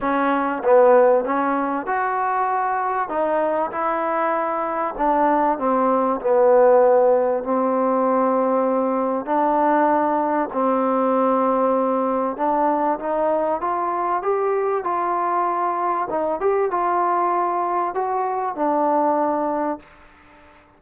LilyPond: \new Staff \with { instrumentName = "trombone" } { \time 4/4 \tempo 4 = 97 cis'4 b4 cis'4 fis'4~ | fis'4 dis'4 e'2 | d'4 c'4 b2 | c'2. d'4~ |
d'4 c'2. | d'4 dis'4 f'4 g'4 | f'2 dis'8 g'8 f'4~ | f'4 fis'4 d'2 | }